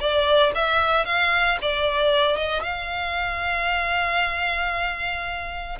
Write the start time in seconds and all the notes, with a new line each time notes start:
0.00 D5
0.55 E5
1.05 F5
1.62 D5
2.37 D#5
2.62 F5